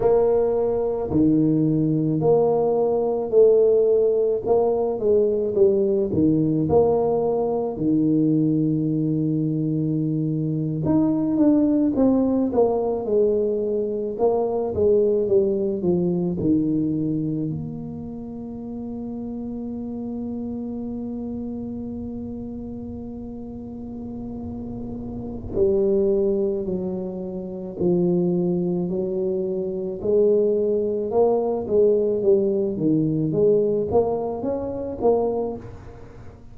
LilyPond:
\new Staff \with { instrumentName = "tuba" } { \time 4/4 \tempo 4 = 54 ais4 dis4 ais4 a4 | ais8 gis8 g8 dis8 ais4 dis4~ | dis4.~ dis16 dis'8 d'8 c'8 ais8 gis16~ | gis8. ais8 gis8 g8 f8 dis4 ais16~ |
ais1~ | ais2. g4 | fis4 f4 fis4 gis4 | ais8 gis8 g8 dis8 gis8 ais8 cis'8 ais8 | }